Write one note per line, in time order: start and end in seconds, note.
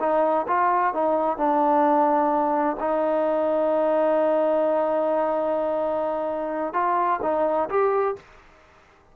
0.00 0.47 D#4
0.48 0.94 F4
0.94 1.38 D#4
1.38 2.77 D4
2.80 6.74 D#4
6.74 7.20 F4
7.23 7.69 D#4
7.70 8.16 G4